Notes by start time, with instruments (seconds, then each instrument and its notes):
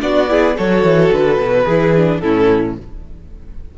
0.00 cello B3, viola D4, violin F#4 D5
0.28 viola E4, violin G#4
0.56 cello F#3, viola F#4, violin A4 C#5
0.83 cello E3
1.12 cello D3, violin B4
1.38 cello B2
1.64 cello E3, viola E4, violin G#4
1.96 viola D4
2.19 cello A2, viola C#4, violin E4 A4